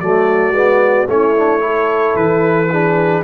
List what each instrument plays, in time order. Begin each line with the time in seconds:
0.00 tuba F#3, trombone A3, horn F#4, trumpet D5
0.52 tuba G#3, trombone B3
1.07 tuba A3, trombone C#4, horn E4, trumpet C#5
1.36 trombone D4
1.59 trombone E4, horn A4
2.16 tuba E3, trumpet B4
2.71 trombone D4, horn G#4